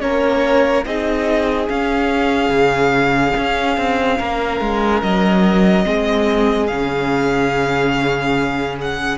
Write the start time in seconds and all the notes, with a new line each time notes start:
0.00 A#3 C#4 A#4 C#5
0.85 C4 D#4 G#4 D#5
1.69 C#4 F5
2.49 C#3
3.37 C#4
3.77 C4
4.18 A#3 A#4
4.60 G#3
5.02 F#3 D#5
5.84 G#3 C4 G#4
6.67 C#3 C#4 F5
8.81 F#5